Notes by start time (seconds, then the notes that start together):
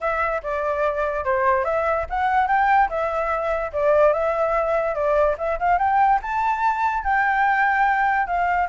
0.00 E5
0.43 D5
1.25 C5
1.64 E5
2.09 F#5
2.47 G5
2.89 E5
3.72 D5
4.13 E5
4.94 D5
5.38 E5
5.59 F5
5.78 G5
6.22 A5
7.03 G5
8.27 F5